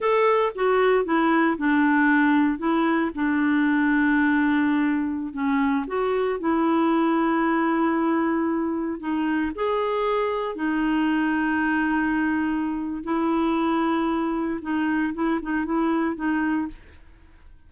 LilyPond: \new Staff \with { instrumentName = "clarinet" } { \time 4/4 \tempo 4 = 115 a'4 fis'4 e'4 d'4~ | d'4 e'4 d'2~ | d'2~ d'16 cis'4 fis'8.~ | fis'16 e'2.~ e'8.~ |
e'4~ e'16 dis'4 gis'4.~ gis'16~ | gis'16 dis'2.~ dis'8.~ | dis'4 e'2. | dis'4 e'8 dis'8 e'4 dis'4 | }